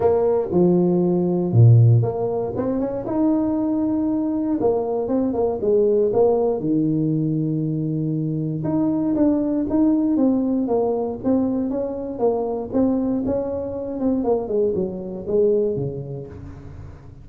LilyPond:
\new Staff \with { instrumentName = "tuba" } { \time 4/4 \tempo 4 = 118 ais4 f2 ais,4 | ais4 c'8 cis'8 dis'2~ | dis'4 ais4 c'8 ais8 gis4 | ais4 dis2.~ |
dis4 dis'4 d'4 dis'4 | c'4 ais4 c'4 cis'4 | ais4 c'4 cis'4. c'8 | ais8 gis8 fis4 gis4 cis4 | }